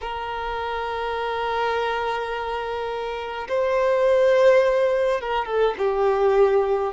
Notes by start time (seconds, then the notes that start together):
0.01 A#4
3.48 C5
5.20 A#4
5.45 A4
5.77 G4